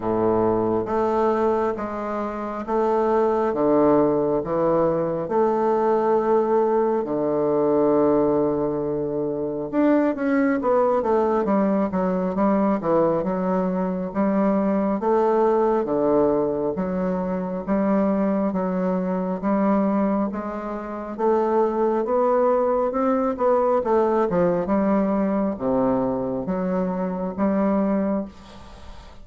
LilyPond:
\new Staff \with { instrumentName = "bassoon" } { \time 4/4 \tempo 4 = 68 a,4 a4 gis4 a4 | d4 e4 a2 | d2. d'8 cis'8 | b8 a8 g8 fis8 g8 e8 fis4 |
g4 a4 d4 fis4 | g4 fis4 g4 gis4 | a4 b4 c'8 b8 a8 f8 | g4 c4 fis4 g4 | }